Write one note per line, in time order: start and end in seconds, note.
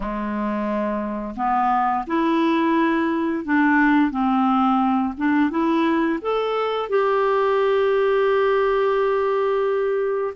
0.00 1.34 G#3
1.36 2.05 B3
2.06 3.44 E4
3.44 4.10 D4
4.10 5.14 C4
5.17 5.50 D4
5.50 6.19 E4
6.21 6.89 A4
6.89 10.34 G4